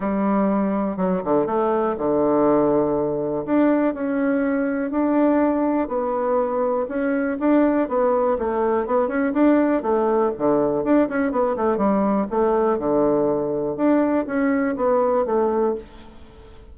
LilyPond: \new Staff \with { instrumentName = "bassoon" } { \time 4/4 \tempo 4 = 122 g2 fis8 d8 a4 | d2. d'4 | cis'2 d'2 | b2 cis'4 d'4 |
b4 a4 b8 cis'8 d'4 | a4 d4 d'8 cis'8 b8 a8 | g4 a4 d2 | d'4 cis'4 b4 a4 | }